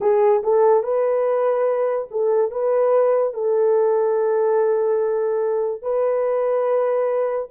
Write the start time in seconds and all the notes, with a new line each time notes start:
0.00 G#4
0.43 A4
0.83 B4
2.11 A4
2.51 B4
3.33 A4
5.81 B4